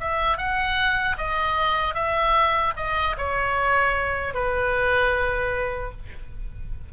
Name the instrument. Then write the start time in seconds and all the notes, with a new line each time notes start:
oboe
0.00 E5
0.37 F#5
1.17 D#5
1.94 E5
2.77 D#5
3.18 C#5
4.34 B4